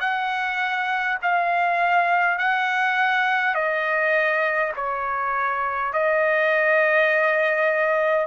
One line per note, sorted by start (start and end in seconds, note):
0.00 1.18 F#5
1.22 2.37 F5
2.37 3.55 F#5
3.55 4.72 D#5
4.75 5.93 C#5
5.93 8.26 D#5